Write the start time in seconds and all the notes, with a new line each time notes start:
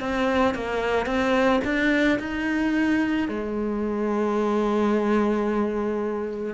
0.00 C4
0.55 A#3
1.06 C4
1.65 D4
2.20 D#4
3.29 G#3